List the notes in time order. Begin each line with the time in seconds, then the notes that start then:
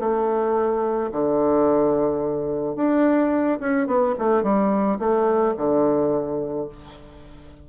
0.00 A3
1.12 D3
2.76 D4
3.60 C#4
3.87 B3
4.19 A3
4.43 G3
4.99 A3
5.58 D3